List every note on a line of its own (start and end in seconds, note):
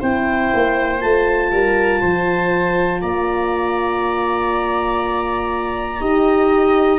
0.00 0.52 C4
0.00 1.00 E4
0.00 1.50 C5
0.00 1.01 G5
0.54 1.03 A#3
1.00 1.52 A3
1.00 6.00 F4
1.00 3.01 A5
1.52 2.02 G3
1.52 2.01 A#4
2.01 3.02 F3
2.01 3.01 C5
3.01 6.00 A#3
3.01 6.02 D5
3.01 7.00 A#5
6.00 7.00 D#4
6.00 7.00 G4
6.00 7.00 D#5